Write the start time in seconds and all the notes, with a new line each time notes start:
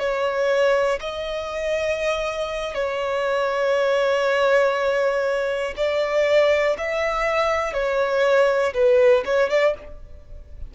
0.00 C#5
1.01 D#5
2.75 C#5
5.77 D5
6.79 E5
7.74 C#5
8.74 B4
9.25 C#5
9.50 D5